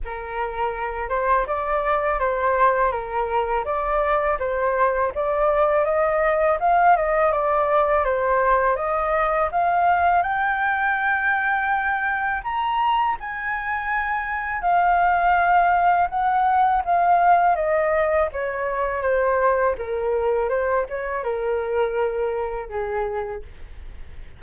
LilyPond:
\new Staff \with { instrumentName = "flute" } { \time 4/4 \tempo 4 = 82 ais'4. c''8 d''4 c''4 | ais'4 d''4 c''4 d''4 | dis''4 f''8 dis''8 d''4 c''4 | dis''4 f''4 g''2~ |
g''4 ais''4 gis''2 | f''2 fis''4 f''4 | dis''4 cis''4 c''4 ais'4 | c''8 cis''8 ais'2 gis'4 | }